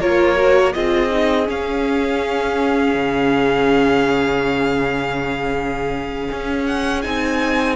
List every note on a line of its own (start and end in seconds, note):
0.00 0.74 A#3
0.00 0.35 F4
0.00 0.74 A#4
0.00 0.73 C#5
0.35 0.72 F#4
0.73 1.48 C4
0.73 1.10 F4
0.73 7.76 G#4
0.73 1.47 D#5
1.10 1.45 D#4
1.45 7.01 C#4
1.45 2.94 C#4
1.45 6.66 F5
2.94 6.27 C#3
6.31 7.04 C#4
6.66 7.02 F#5
7.02 7.76 C4
7.02 7.76 D#4
7.02 7.76 G#5